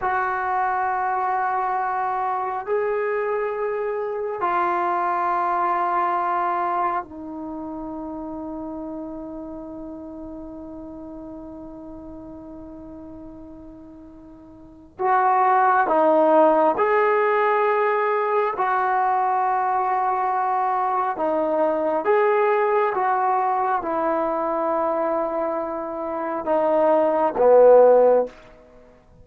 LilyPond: \new Staff \with { instrumentName = "trombone" } { \time 4/4 \tempo 4 = 68 fis'2. gis'4~ | gis'4 f'2. | dis'1~ | dis'1~ |
dis'4 fis'4 dis'4 gis'4~ | gis'4 fis'2. | dis'4 gis'4 fis'4 e'4~ | e'2 dis'4 b4 | }